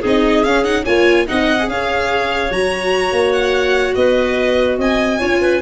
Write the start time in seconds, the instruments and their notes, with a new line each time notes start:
0.00 tuba C4, viola D#4, clarinet G#4
0.07 violin D#5
0.44 tuba C#4, viola C#4, violin F5
0.64 viola D#4, violin F#5
0.85 tuba A#3, viola F4, clarinet C#5, violin G#5
1.27 tuba C4, viola D#4, clarinet D#5, violin F#5
1.59 viola G#4
1.68 tuba C#4, clarinet C#5, violin F5
2.51 tuba F#3, viola F#4, violin A#5
3.12 tuba A#3
3.32 violin F#5
3.95 tuba B3, clarinet B4, violin D#5
4.78 tuba C4, clarinet D#5, violin G#5
5.20 tuba C#4, viola F4, clarinet C#5
5.41 clarinet B4